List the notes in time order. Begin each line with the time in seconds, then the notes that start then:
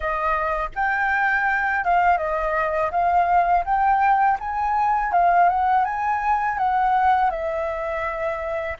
0.00 D#5
0.75 G5
1.84 F5
2.17 D#5
2.91 F5
3.64 G5
4.39 G#5
5.12 F5
5.49 F#5
5.84 G#5
6.58 F#5
7.30 E5